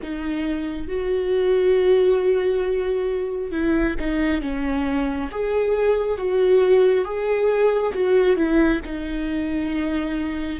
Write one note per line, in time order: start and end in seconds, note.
0.02 0.87 D#4
0.87 3.51 F#4
3.51 3.95 E4
3.99 4.41 D#4
4.41 5.29 C#4
5.31 6.17 G#4
6.17 7.04 F#4
7.04 7.93 G#4
7.93 8.36 F#4
8.36 8.80 E4
8.85 10.59 D#4